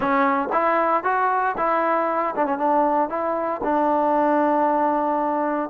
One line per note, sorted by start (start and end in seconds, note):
0.00 0.49 C#4
0.52 1.03 E4
1.03 1.55 F#4
1.57 2.34 E4
2.35 2.45 D4
2.45 2.58 C#4
2.58 3.09 D4
3.09 3.61 E4
3.63 5.69 D4